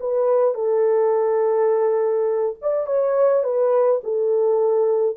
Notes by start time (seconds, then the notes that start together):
0.00 B4
0.55 A4
2.61 D5
2.86 C#5
3.44 B4
4.04 A4